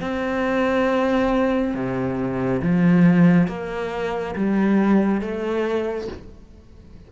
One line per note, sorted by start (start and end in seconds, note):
0.00 1.74 C4
1.74 2.61 C3
2.62 3.47 F3
3.47 4.34 A#3
4.35 5.21 G3
5.21 6.08 A3